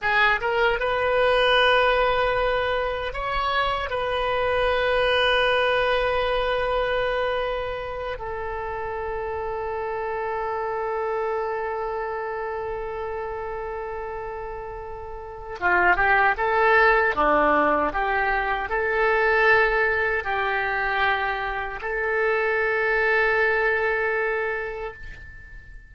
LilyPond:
\new Staff \with { instrumentName = "oboe" } { \time 4/4 \tempo 4 = 77 gis'8 ais'8 b'2. | cis''4 b'2.~ | b'2~ b'8 a'4.~ | a'1~ |
a'1 | f'8 g'8 a'4 d'4 g'4 | a'2 g'2 | a'1 | }